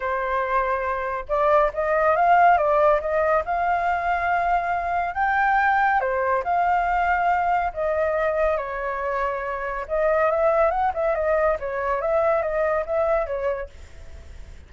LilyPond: \new Staff \with { instrumentName = "flute" } { \time 4/4 \tempo 4 = 140 c''2. d''4 | dis''4 f''4 d''4 dis''4 | f''1 | g''2 c''4 f''4~ |
f''2 dis''2 | cis''2. dis''4 | e''4 fis''8 e''8 dis''4 cis''4 | e''4 dis''4 e''4 cis''4 | }